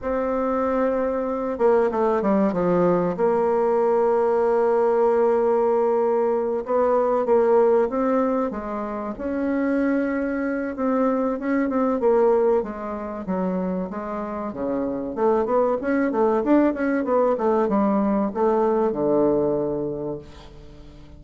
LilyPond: \new Staff \with { instrumentName = "bassoon" } { \time 4/4 \tempo 4 = 95 c'2~ c'8 ais8 a8 g8 | f4 ais2.~ | ais2~ ais8 b4 ais8~ | ais8 c'4 gis4 cis'4.~ |
cis'4 c'4 cis'8 c'8 ais4 | gis4 fis4 gis4 cis4 | a8 b8 cis'8 a8 d'8 cis'8 b8 a8 | g4 a4 d2 | }